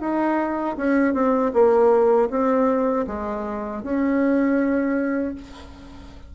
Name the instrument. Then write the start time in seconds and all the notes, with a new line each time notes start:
bassoon
0.00 D#4
0.77 C#4
1.14 C4
1.53 A#3
2.30 C4
3.07 G#3
3.83 C#4